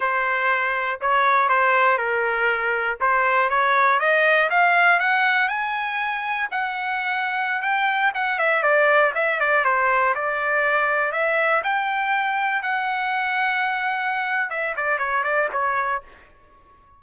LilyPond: \new Staff \with { instrumentName = "trumpet" } { \time 4/4 \tempo 4 = 120 c''2 cis''4 c''4 | ais'2 c''4 cis''4 | dis''4 f''4 fis''4 gis''4~ | gis''4 fis''2~ fis''16 g''8.~ |
g''16 fis''8 e''8 d''4 e''8 d''8 c''8.~ | c''16 d''2 e''4 g''8.~ | g''4~ g''16 fis''2~ fis''8.~ | fis''4 e''8 d''8 cis''8 d''8 cis''4 | }